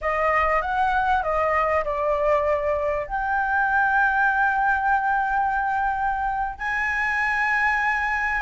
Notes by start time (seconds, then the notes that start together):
0.01 D#5
0.61 F#5
1.22 D#5
1.84 D5
3.06 G5
6.58 G#5